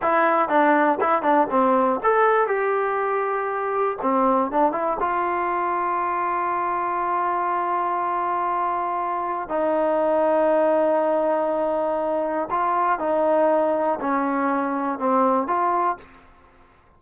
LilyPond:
\new Staff \with { instrumentName = "trombone" } { \time 4/4 \tempo 4 = 120 e'4 d'4 e'8 d'8 c'4 | a'4 g'2. | c'4 d'8 e'8 f'2~ | f'1~ |
f'2. dis'4~ | dis'1~ | dis'4 f'4 dis'2 | cis'2 c'4 f'4 | }